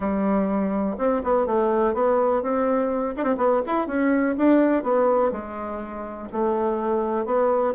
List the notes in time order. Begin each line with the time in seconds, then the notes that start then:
0.00 G3
0.98 C4
1.23 B3
1.46 A3
1.94 B3
2.42 C4
3.16 D4
3.23 C4
3.37 B3
3.66 E4
3.87 C#4
4.37 D4
4.83 B3
5.31 G#3
6.32 A3
7.25 B3